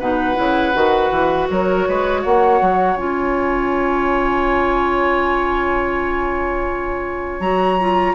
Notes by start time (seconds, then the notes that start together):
0.00 B2 D#4 B4 F#5
0.36 C#3 E4
0.74 D#3 F#4
1.11 E3
1.51 F#3 A#4 C#5
1.88 G#3 B4
2.22 A#3 C#5 F#5
2.61 F#3
2.96 C#4 F4 G#5
7.40 F#3 F#4 A#5
7.80 F4